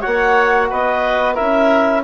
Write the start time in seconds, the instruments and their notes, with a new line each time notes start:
0.00 bassoon A#3, trombone F#4, oboe C#5, clarinet F#5
0.69 bassoon B3, oboe B4, clarinet D#5
1.34 bassoon C#4, trombone E4, oboe A#4, clarinet E5